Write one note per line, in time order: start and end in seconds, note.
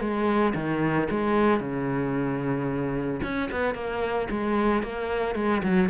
0.00 0.54 G#3
0.54 1.08 D#3
1.10 1.60 G#3
1.60 3.20 C#3
3.23 3.50 C#4
3.51 3.75 B3
3.75 4.28 A#3
4.30 4.83 G#3
4.83 5.35 A#3
5.35 5.62 G#3
5.62 5.89 F#3